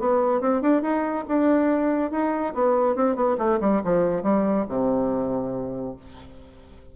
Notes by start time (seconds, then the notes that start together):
0.00 B3
0.41 C4
0.62 D4
0.83 D#4
1.28 D4
2.12 D#4
2.54 B3
2.96 C4
3.16 B3
3.38 A3
3.61 G3
3.85 F3
4.23 G3
4.69 C3